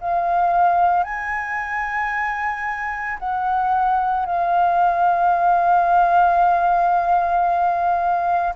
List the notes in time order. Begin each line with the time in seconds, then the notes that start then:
0.00 F5
1.03 G#5
3.19 F#5
4.26 F5